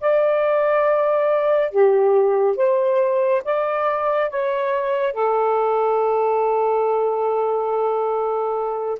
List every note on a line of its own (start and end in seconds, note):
0.00 1.70 D5
1.70 2.56 G4
2.56 3.42 C5
3.44 4.30 D5
4.30 5.13 C#5
5.13 8.98 A4